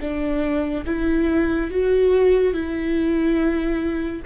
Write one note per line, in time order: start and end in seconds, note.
0.00 0.85 D4
0.86 1.70 E4
1.70 2.53 F#4
2.53 4.22 E4